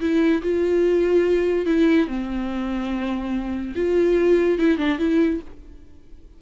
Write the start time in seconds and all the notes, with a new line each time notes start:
0.00 E4
0.42 F4
1.66 E4
2.07 C4
3.75 F4
4.58 E4
4.77 D4
4.98 E4